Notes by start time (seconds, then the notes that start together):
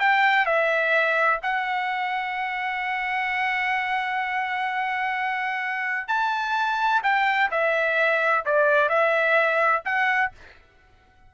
0.00 G5
0.46 E5
1.43 F#5
6.08 A5
7.04 G5
7.52 E5
8.46 D5
8.89 E5
9.85 F#5